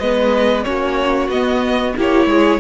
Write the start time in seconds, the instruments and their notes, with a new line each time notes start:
0.00 cello G#3, viola B3, violin B4 D#5
0.64 cello A#3, viola C#4, violin F#4 C#5
1.29 cello B3, viola B3, violin D#5
1.97 cello A#3, viola E4, violin G4 C#5
2.26 cello G#3, violin G#4